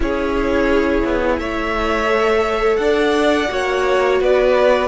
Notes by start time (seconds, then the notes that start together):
0.00 C#4 E4 G#4 C#5
1.04 B3
1.38 A3 C#5 E5
2.06 A4
2.76 D4 D5 F#5
3.48 A#3 F#4 C#5
4.20 B3 B4 D5